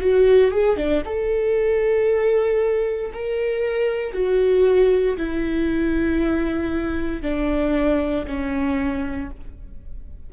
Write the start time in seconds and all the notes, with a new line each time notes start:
0.00 F#4
0.51 G#4
0.76 D4
1.05 A4
3.13 A#4
4.13 F#4
5.17 E4
7.22 D4
8.27 C#4